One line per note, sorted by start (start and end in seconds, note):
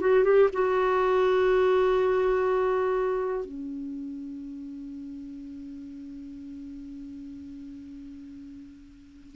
0.00 0.24 F#4
0.24 0.49 G4
0.53 3.46 F#4
3.46 9.36 C#4